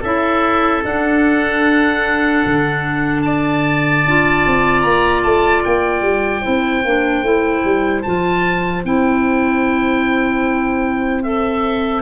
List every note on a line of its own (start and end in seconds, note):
0.00 0.83 C#4
0.00 0.84 E4
0.00 3.20 A4
0.00 0.83 E5
0.84 4.04 D4
0.84 2.44 D4
0.84 3.22 F#5
2.45 4.05 D3
3.22 6.41 D5
3.22 4.81 A5
4.05 4.45 D4
4.05 6.42 F4
4.46 4.84 C4
4.81 5.24 A#3
4.81 5.21 A#5
5.23 5.64 A3
5.23 5.63 A5
5.64 6.02 A#3
5.64 8.02 G5
6.02 6.42 G3
6.41 6.84 C4
6.41 6.82 E4
6.41 12.01 C5
6.84 7.22 A#3
6.84 7.24 D4
7.22 7.62 A3
7.22 8.04 E4
7.64 8.04 G3
8.02 8.84 F3
8.02 8.84 F4
8.02 8.82 A5
8.84 12.02 C4
8.84 11.23 E4
8.84 11.23 G5
11.23 12.02 A4
11.23 12.02 E5